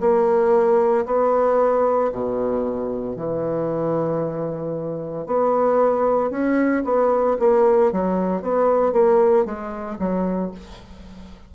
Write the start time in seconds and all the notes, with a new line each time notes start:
0.00 A#3
1.05 B3
2.12 B2
3.16 E3
5.26 B3
6.30 C#4
6.84 B3
7.39 A#3
7.92 F#3
8.42 B3
8.92 A#3
9.45 G#3
9.99 F#3